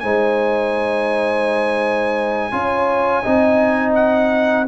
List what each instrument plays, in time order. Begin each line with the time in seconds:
0.00 tuba G#3, trombone D#4, horn C5, trumpet G#5
2.52 tuba C#4, trombone F4, horn C#5
3.23 tuba C4, trombone D#4, horn D#5
3.95 trumpet F#5